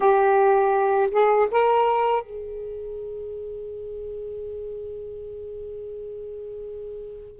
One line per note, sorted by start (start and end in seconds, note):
0.00 1.10 G4
1.10 1.47 G#4
1.51 2.22 A#4
2.22 7.39 G#4